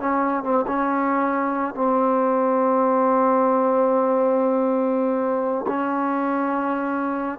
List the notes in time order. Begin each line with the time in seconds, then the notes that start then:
0.00 C#4
0.43 C4
0.67 C#4
1.75 C4
5.68 C#4